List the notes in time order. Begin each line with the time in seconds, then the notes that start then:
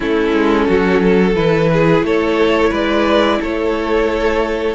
0.00 A3 C#4 E4 A4
0.32 G#3
0.67 F#3 F#4
1.02 A4
1.35 E3 E4 B4
1.72 G#4
2.02 A3 A4 C#5
2.70 G#3 B4 D5
3.40 A3 A4 C#5